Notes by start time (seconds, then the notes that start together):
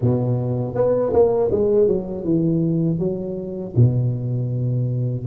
0.01 B2
0.74 B3
1.12 A#3
1.51 G#3
1.87 F#3
2.24 E3
2.98 F#3
3.75 B2